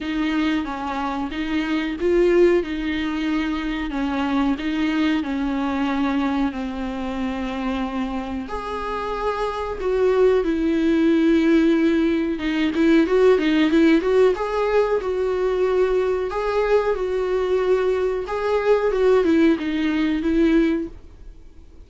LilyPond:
\new Staff \with { instrumentName = "viola" } { \time 4/4 \tempo 4 = 92 dis'4 cis'4 dis'4 f'4 | dis'2 cis'4 dis'4 | cis'2 c'2~ | c'4 gis'2 fis'4 |
e'2. dis'8 e'8 | fis'8 dis'8 e'8 fis'8 gis'4 fis'4~ | fis'4 gis'4 fis'2 | gis'4 fis'8 e'8 dis'4 e'4 | }